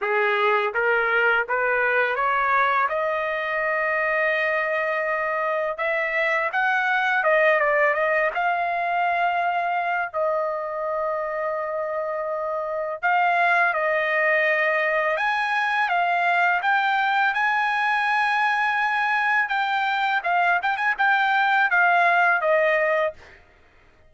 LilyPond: \new Staff \with { instrumentName = "trumpet" } { \time 4/4 \tempo 4 = 83 gis'4 ais'4 b'4 cis''4 | dis''1 | e''4 fis''4 dis''8 d''8 dis''8 f''8~ | f''2 dis''2~ |
dis''2 f''4 dis''4~ | dis''4 gis''4 f''4 g''4 | gis''2. g''4 | f''8 g''16 gis''16 g''4 f''4 dis''4 | }